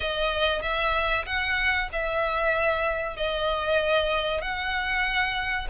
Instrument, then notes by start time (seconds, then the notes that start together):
violin
0.00 D#5
0.62 E5
1.26 F#5
1.92 E5
3.16 D#5
4.41 F#5